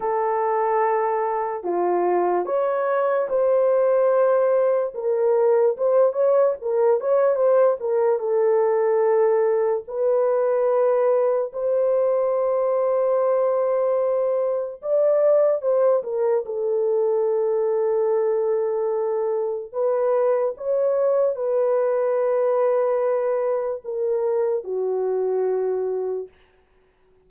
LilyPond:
\new Staff \with { instrumentName = "horn" } { \time 4/4 \tempo 4 = 73 a'2 f'4 cis''4 | c''2 ais'4 c''8 cis''8 | ais'8 cis''8 c''8 ais'8 a'2 | b'2 c''2~ |
c''2 d''4 c''8 ais'8 | a'1 | b'4 cis''4 b'2~ | b'4 ais'4 fis'2 | }